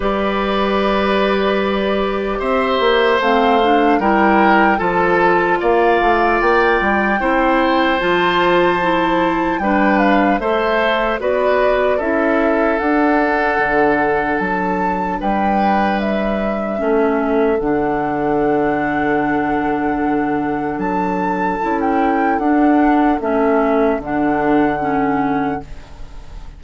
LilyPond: <<
  \new Staff \with { instrumentName = "flute" } { \time 4/4 \tempo 4 = 75 d''2. e''4 | f''4 g''4 a''4 f''4 | g''2 a''2 | g''8 f''8 e''4 d''4 e''4 |
fis''2 a''4 g''4 | e''2 fis''2~ | fis''2 a''4~ a''16 g''8. | fis''4 e''4 fis''2 | }
  \new Staff \with { instrumentName = "oboe" } { \time 4/4 b'2. c''4~ | c''4 ais'4 a'4 d''4~ | d''4 c''2. | b'4 c''4 b'4 a'4~ |
a'2. b'4~ | b'4 a'2.~ | a'1~ | a'1 | }
  \new Staff \with { instrumentName = "clarinet" } { \time 4/4 g'1 | c'8 d'8 e'4 f'2~ | f'4 e'4 f'4 e'4 | d'4 a'4 fis'4 e'4 |
d'1~ | d'4 cis'4 d'2~ | d'2. e'4 | d'4 cis'4 d'4 cis'4 | }
  \new Staff \with { instrumentName = "bassoon" } { \time 4/4 g2. c'8 ais8 | a4 g4 f4 ais8 a8 | ais8 g8 c'4 f2 | g4 a4 b4 cis'4 |
d'4 d4 fis4 g4~ | g4 a4 d2~ | d2 fis4 cis'4 | d'4 a4 d2 | }
>>